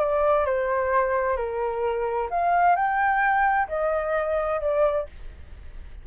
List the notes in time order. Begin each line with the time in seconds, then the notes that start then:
0.00 D5
0.46 C5
1.37 A#4
2.30 F5
2.76 G5
3.69 D#5
4.61 D5